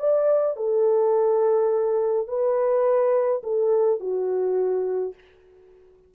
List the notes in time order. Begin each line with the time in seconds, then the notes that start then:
0.00 D5
0.57 A4
2.28 B4
3.44 A4
4.01 F#4